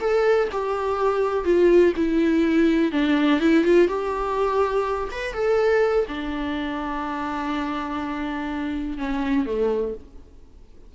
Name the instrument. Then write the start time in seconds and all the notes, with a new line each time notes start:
viola
0.00 A4
0.51 G4
1.44 F4
1.96 E4
2.92 D4
3.40 E4
3.64 F4
3.88 G4
5.11 B4
5.33 A4
6.07 D4
8.97 C#4
9.45 A3